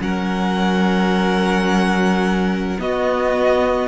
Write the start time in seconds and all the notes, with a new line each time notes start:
0.00 F#3 C#4 A#4 F#5
2.79 B3 F#4 D#5